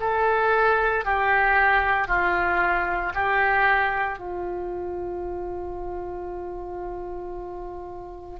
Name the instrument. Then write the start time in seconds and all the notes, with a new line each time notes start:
oboe
0.00 A4
1.05 G4
2.08 F4
3.14 G4
4.19 F4